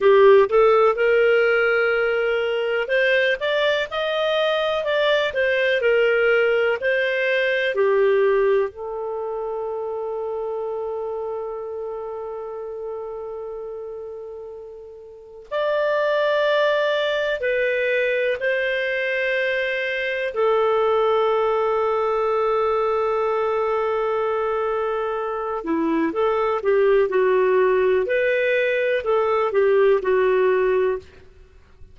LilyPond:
\new Staff \with { instrumentName = "clarinet" } { \time 4/4 \tempo 4 = 62 g'8 a'8 ais'2 c''8 d''8 | dis''4 d''8 c''8 ais'4 c''4 | g'4 a'2.~ | a'1 |
d''2 b'4 c''4~ | c''4 a'2.~ | a'2~ a'8 e'8 a'8 g'8 | fis'4 b'4 a'8 g'8 fis'4 | }